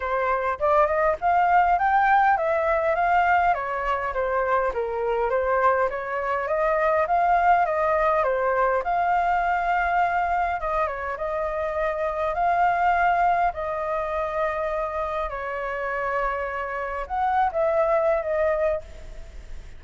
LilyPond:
\new Staff \with { instrumentName = "flute" } { \time 4/4 \tempo 4 = 102 c''4 d''8 dis''8 f''4 g''4 | e''4 f''4 cis''4 c''4 | ais'4 c''4 cis''4 dis''4 | f''4 dis''4 c''4 f''4~ |
f''2 dis''8 cis''8 dis''4~ | dis''4 f''2 dis''4~ | dis''2 cis''2~ | cis''4 fis''8. e''4~ e''16 dis''4 | }